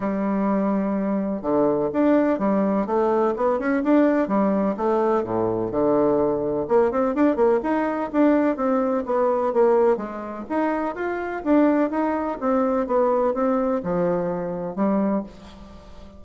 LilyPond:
\new Staff \with { instrumentName = "bassoon" } { \time 4/4 \tempo 4 = 126 g2. d4 | d'4 g4 a4 b8 cis'8 | d'4 g4 a4 a,4 | d2 ais8 c'8 d'8 ais8 |
dis'4 d'4 c'4 b4 | ais4 gis4 dis'4 f'4 | d'4 dis'4 c'4 b4 | c'4 f2 g4 | }